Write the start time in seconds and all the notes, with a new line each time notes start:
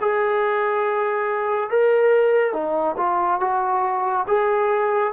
0.00 G#4
1.69 A#4
2.52 D#4
2.97 F4
3.40 F#4
4.27 G#4